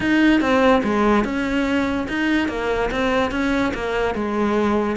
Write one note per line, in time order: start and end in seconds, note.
0.00 0.40 D#4
0.40 0.82 C4
0.83 1.24 G#3
1.24 2.07 C#4
2.08 2.48 D#4
2.48 2.90 A#3
2.91 3.31 C4
3.31 3.72 C#4
3.74 4.15 A#3
4.15 4.96 G#3